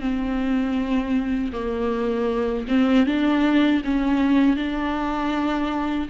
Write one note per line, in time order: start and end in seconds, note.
0.00 1.52 C4
1.53 2.67 A#3
2.68 3.06 C4
3.06 3.82 D4
3.85 4.56 C#4
4.56 6.08 D4